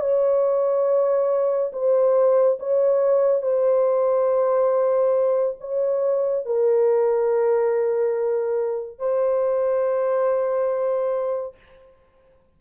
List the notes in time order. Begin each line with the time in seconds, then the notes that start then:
0.00 C#5
1.72 C5
2.59 C#5
3.42 C5
5.60 C#5
6.45 A#4
8.98 C5